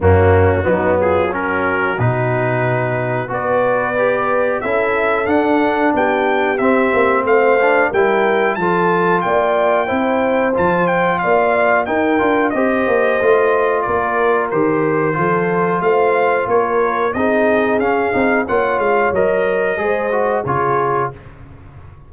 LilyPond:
<<
  \new Staff \with { instrumentName = "trumpet" } { \time 4/4 \tempo 4 = 91 fis'4. gis'8 ais'4 b'4~ | b'4 d''2 e''4 | fis''4 g''4 e''4 f''4 | g''4 a''4 g''2 |
a''8 g''8 f''4 g''4 dis''4~ | dis''4 d''4 c''2 | f''4 cis''4 dis''4 f''4 | fis''8 f''8 dis''2 cis''4 | }
  \new Staff \with { instrumentName = "horn" } { \time 4/4 cis'4 dis'8 f'8 fis'2~ | fis'4 b'2 a'4~ | a'4 g'2 c''4 | ais'4 a'4 d''4 c''4~ |
c''4 d''4 ais'4 c''4~ | c''4 ais'2 a'4 | c''4 ais'4 gis'2 | cis''2 c''4 gis'4 | }
  \new Staff \with { instrumentName = "trombone" } { \time 4/4 ais4 b4 cis'4 dis'4~ | dis'4 fis'4 g'4 e'4 | d'2 c'4. d'8 | e'4 f'2 e'4 |
f'2 dis'8 f'8 g'4 | f'2 g'4 f'4~ | f'2 dis'4 cis'8 dis'8 | f'4 ais'4 gis'8 fis'8 f'4 | }
  \new Staff \with { instrumentName = "tuba" } { \time 4/4 fis,4 fis2 b,4~ | b,4 b2 cis'4 | d'4 b4 c'8 ais8 a4 | g4 f4 ais4 c'4 |
f4 ais4 dis'8 d'8 c'8 ais8 | a4 ais4 dis4 f4 | a4 ais4 c'4 cis'8 c'8 | ais8 gis8 fis4 gis4 cis4 | }
>>